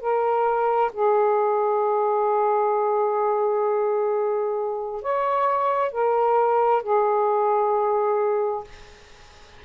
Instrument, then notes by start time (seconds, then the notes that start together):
saxophone
0.00 A#4
0.93 G#4
5.02 C#5
5.91 A#4
6.82 G#4